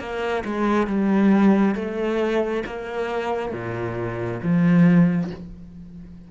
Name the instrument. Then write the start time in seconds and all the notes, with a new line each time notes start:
cello
0.00 A#3
0.45 G#3
0.87 G3
1.76 A3
2.66 A#3
3.53 A#2
4.43 F3